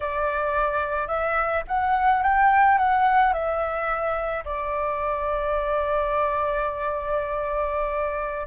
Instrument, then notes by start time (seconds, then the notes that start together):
flute
0.00 D5
1.07 E5
1.67 F#5
2.22 G5
2.78 F#5
3.33 E5
4.44 D5